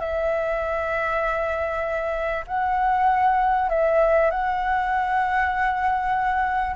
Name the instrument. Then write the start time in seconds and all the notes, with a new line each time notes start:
flute
0.00 E5
2.47 F#5
3.70 E5
4.31 F#5